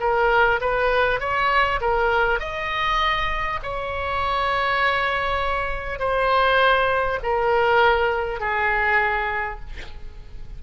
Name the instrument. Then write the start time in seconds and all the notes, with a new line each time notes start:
oboe
0.00 A#4
0.61 B4
1.19 C#5
1.80 A#4
2.39 D#5
3.62 C#5
5.99 C5
7.23 A#4
8.40 G#4